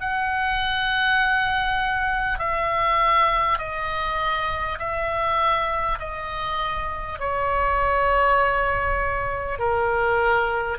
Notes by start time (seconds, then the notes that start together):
0.00 F#5
2.39 E5
3.58 D#5
4.79 E5
5.99 D#5
7.19 C#5
9.59 A#4